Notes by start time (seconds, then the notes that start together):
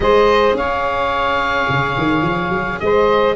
0.00 G#3 G#4 C5 D#5
0.54 C#4 C#5 F5
1.68 C#3
1.97 D#3
2.21 F3
2.49 F#3
2.79 G#3 C5 D#5